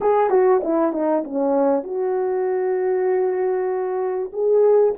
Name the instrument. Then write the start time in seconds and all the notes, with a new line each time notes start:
horn
0.00 G#4
0.30 F#4
0.63 E4
0.92 D#4
1.24 C#4
1.83 F#4
4.32 G#4